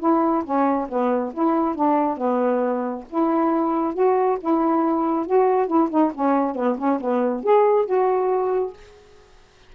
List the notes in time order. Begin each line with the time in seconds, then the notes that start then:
0.00 E4
0.45 C#4
0.89 B3
1.34 E4
1.75 D4
2.18 B3
3.10 E4
3.94 F#4
4.41 E4
5.27 F#4
5.68 E4
5.90 D#4
6.15 C#4
6.56 B3
6.78 C#4
7.01 B3
7.44 G#4
7.86 F#4